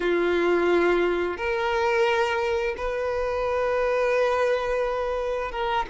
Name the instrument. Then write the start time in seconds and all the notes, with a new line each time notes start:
violin
0.00 F4
1.37 A#4
2.77 B4
5.51 A#4